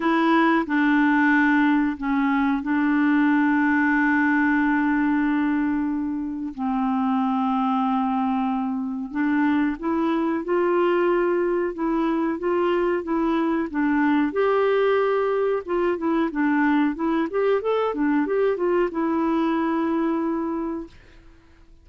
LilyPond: \new Staff \with { instrumentName = "clarinet" } { \time 4/4 \tempo 4 = 92 e'4 d'2 cis'4 | d'1~ | d'2 c'2~ | c'2 d'4 e'4 |
f'2 e'4 f'4 | e'4 d'4 g'2 | f'8 e'8 d'4 e'8 g'8 a'8 d'8 | g'8 f'8 e'2. | }